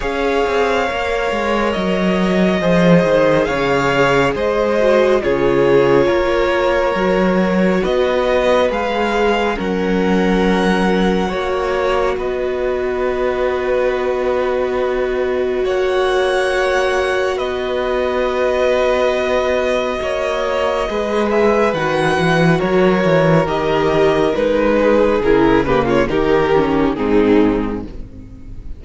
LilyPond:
<<
  \new Staff \with { instrumentName = "violin" } { \time 4/4 \tempo 4 = 69 f''2 dis''2 | f''4 dis''4 cis''2~ | cis''4 dis''4 f''4 fis''4~ | fis''2 dis''2~ |
dis''2 fis''2 | dis''1~ | dis''8 e''8 fis''4 cis''4 dis''4 | b'4 ais'8 b'16 cis''16 ais'4 gis'4 | }
  \new Staff \with { instrumentName = "violin" } { \time 4/4 cis''2. c''4 | cis''4 c''4 gis'4 ais'4~ | ais'4 b'2 ais'4~ | ais'4 cis''4 b'2~ |
b'2 cis''2 | b'2. cis''4 | b'2 ais'2~ | ais'8 gis'4 g'16 f'16 g'4 dis'4 | }
  \new Staff \with { instrumentName = "viola" } { \time 4/4 gis'4 ais'2 gis'4~ | gis'4. fis'8 f'2 | fis'2 gis'4 cis'4~ | cis'4 fis'2.~ |
fis'1~ | fis'1 | gis'4 fis'2 g'4 | dis'4 e'8 ais8 dis'8 cis'8 c'4 | }
  \new Staff \with { instrumentName = "cello" } { \time 4/4 cis'8 c'8 ais8 gis8 fis4 f8 dis8 | cis4 gis4 cis4 ais4 | fis4 b4 gis4 fis4~ | fis4 ais4 b2~ |
b2 ais2 | b2. ais4 | gis4 dis8 e8 fis8 e8 dis4 | gis4 cis4 dis4 gis,4 | }
>>